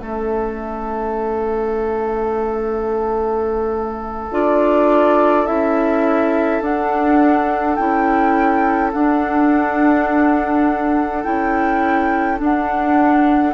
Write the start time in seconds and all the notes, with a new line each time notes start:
0.00 A3 C#4 A4 E5
4.31 D4 F4 D5
5.46 C#4 E4 E5
6.62 D4 F#5
7.76 C#4 E4 G5
8.93 D4 F#5
11.24 C#4 E4 G5
12.38 D4
12.44 F#5